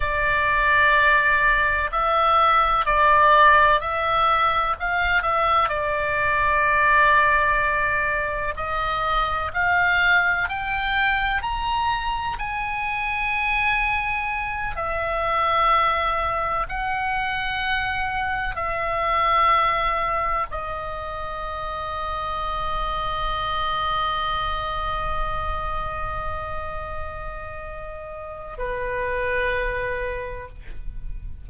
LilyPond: \new Staff \with { instrumentName = "oboe" } { \time 4/4 \tempo 4 = 63 d''2 e''4 d''4 | e''4 f''8 e''8 d''2~ | d''4 dis''4 f''4 g''4 | ais''4 gis''2~ gis''8 e''8~ |
e''4. fis''2 e''8~ | e''4. dis''2~ dis''8~ | dis''1~ | dis''2 b'2 | }